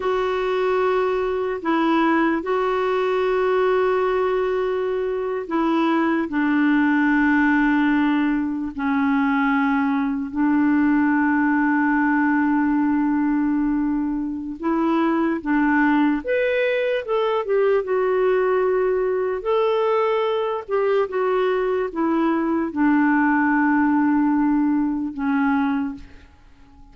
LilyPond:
\new Staff \with { instrumentName = "clarinet" } { \time 4/4 \tempo 4 = 74 fis'2 e'4 fis'4~ | fis'2~ fis'8. e'4 d'16~ | d'2~ d'8. cis'4~ cis'16~ | cis'8. d'2.~ d'16~ |
d'2 e'4 d'4 | b'4 a'8 g'8 fis'2 | a'4. g'8 fis'4 e'4 | d'2. cis'4 | }